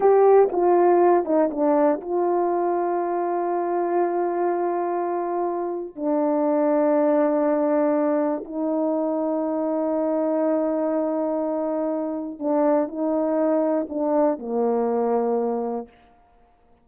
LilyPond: \new Staff \with { instrumentName = "horn" } { \time 4/4 \tempo 4 = 121 g'4 f'4. dis'8 d'4 | f'1~ | f'1 | d'1~ |
d'4 dis'2.~ | dis'1~ | dis'4 d'4 dis'2 | d'4 ais2. | }